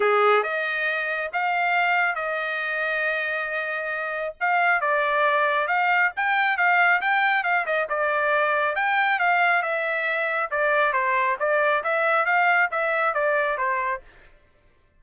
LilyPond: \new Staff \with { instrumentName = "trumpet" } { \time 4/4 \tempo 4 = 137 gis'4 dis''2 f''4~ | f''4 dis''2.~ | dis''2 f''4 d''4~ | d''4 f''4 g''4 f''4 |
g''4 f''8 dis''8 d''2 | g''4 f''4 e''2 | d''4 c''4 d''4 e''4 | f''4 e''4 d''4 c''4 | }